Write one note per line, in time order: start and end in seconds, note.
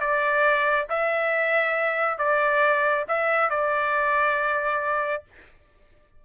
0.00 0.87 D5
0.89 2.18 E5
2.18 3.05 D5
3.08 3.50 E5
3.50 5.24 D5